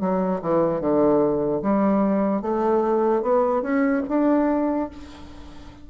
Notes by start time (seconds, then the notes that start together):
0.00 F#3
0.42 E3
0.81 D3
1.62 G3
2.42 A3
3.22 B3
3.62 C#4
4.09 D4